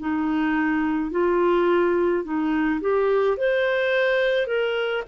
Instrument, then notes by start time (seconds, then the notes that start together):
clarinet
0.00 D#4
1.11 F4
2.24 D#4
2.81 G4
3.37 C5
4.47 A#4